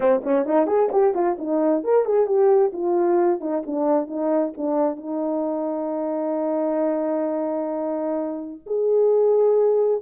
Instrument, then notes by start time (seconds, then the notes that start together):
horn
0.00 C4
0.23 C#4
0.45 D#4
0.67 G#4
0.92 G4
1.14 F4
1.38 D#4
1.83 A#4
2.05 G#4
2.26 G4
2.73 F4
3.40 D#4
3.66 D4
4.07 D#4
4.57 D4
4.96 D#4
8.66 G#4